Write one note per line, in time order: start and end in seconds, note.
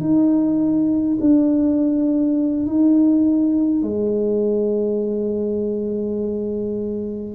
0.00 1.18 D#4
1.20 2.66 D4
2.66 3.82 D#4
3.82 7.35 G#3